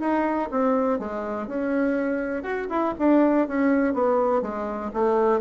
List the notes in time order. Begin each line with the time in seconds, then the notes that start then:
0.00 D#4
0.51 C4
0.99 G#3
1.47 C#4
2.43 F#4
2.70 E4
2.99 D4
3.48 C#4
3.94 B3
4.42 G#3
4.93 A3